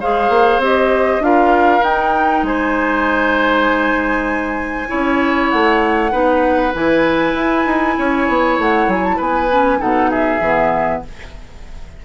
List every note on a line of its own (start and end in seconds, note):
0.00 0.29 G#3
0.00 0.61 G#4
0.00 1.22 C5
0.00 0.61 F5
0.29 0.58 A#3
0.58 1.19 C4
0.58 1.21 G4
0.58 1.23 D#5
1.19 1.80 D4
1.19 1.81 F4
1.19 2.46 A#4
1.19 1.83 F5
1.81 4.87 D#4
1.81 2.42 D#4
1.81 2.44 G5
2.42 4.87 G#3
2.42 4.89 C5
2.42 5.50 G#5
4.87 5.53 C#4
4.87 6.10 E4
4.87 6.11 C#5
5.50 6.12 A3
5.50 6.72 F#5
6.11 6.73 B3
6.11 6.72 D#4
6.11 7.95 B4
6.74 7.34 E3
6.74 9.49 E4
6.74 8.60 G#5
7.34 7.64 E4
7.65 7.96 D#4
7.98 8.28 C#4
7.98 9.16 C#5
8.28 8.58 B3
8.58 8.87 A3
8.58 8.89 F#5
8.87 9.18 F#3
8.87 9.03 G#5
9.03 9.19 A5
9.16 9.81 B3
9.16 9.77 B4
9.16 9.81 G#5
9.50 9.78 C#4
9.78 10.40 B2
9.78 10.39 D#4
9.78 10.10 A4
9.78 10.10 F#5
10.10 11.02 G#4
10.10 11.02 E5
10.40 11.01 E3
10.40 11.05 B3